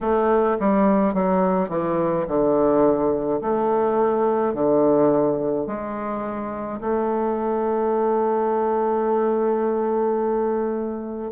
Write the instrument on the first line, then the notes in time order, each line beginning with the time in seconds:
bassoon
0.01 A3
0.59 G3
1.14 F#3
1.69 E3
2.27 D3
3.41 A3
4.54 D3
5.67 G#3
6.80 A3